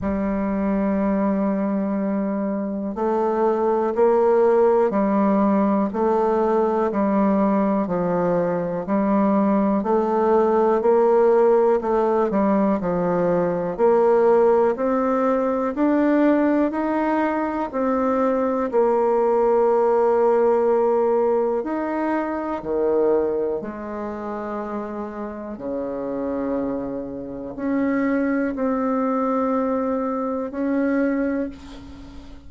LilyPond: \new Staff \with { instrumentName = "bassoon" } { \time 4/4 \tempo 4 = 61 g2. a4 | ais4 g4 a4 g4 | f4 g4 a4 ais4 | a8 g8 f4 ais4 c'4 |
d'4 dis'4 c'4 ais4~ | ais2 dis'4 dis4 | gis2 cis2 | cis'4 c'2 cis'4 | }